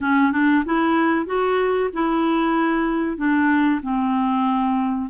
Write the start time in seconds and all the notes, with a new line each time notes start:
0.00 C#4
0.32 D4
0.65 E4
1.26 F#4
1.93 E4
3.17 D4
3.82 C4